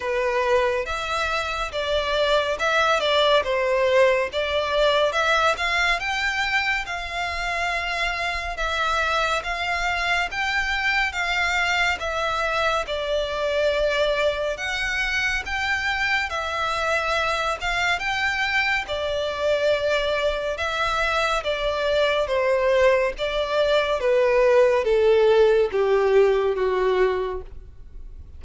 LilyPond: \new Staff \with { instrumentName = "violin" } { \time 4/4 \tempo 4 = 70 b'4 e''4 d''4 e''8 d''8 | c''4 d''4 e''8 f''8 g''4 | f''2 e''4 f''4 | g''4 f''4 e''4 d''4~ |
d''4 fis''4 g''4 e''4~ | e''8 f''8 g''4 d''2 | e''4 d''4 c''4 d''4 | b'4 a'4 g'4 fis'4 | }